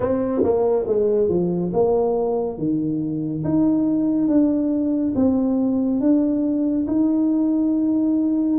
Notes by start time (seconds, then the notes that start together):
0.00 C4
0.43 A#3
0.86 G#3
1.29 F3
1.73 A#3
2.58 D#3
3.44 D#4
4.27 D4
5.15 C4
6.00 D4
6.87 D#4